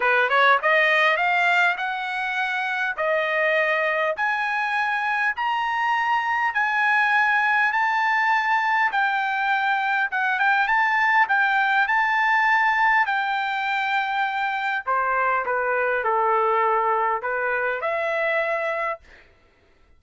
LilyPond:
\new Staff \with { instrumentName = "trumpet" } { \time 4/4 \tempo 4 = 101 b'8 cis''8 dis''4 f''4 fis''4~ | fis''4 dis''2 gis''4~ | gis''4 ais''2 gis''4~ | gis''4 a''2 g''4~ |
g''4 fis''8 g''8 a''4 g''4 | a''2 g''2~ | g''4 c''4 b'4 a'4~ | a'4 b'4 e''2 | }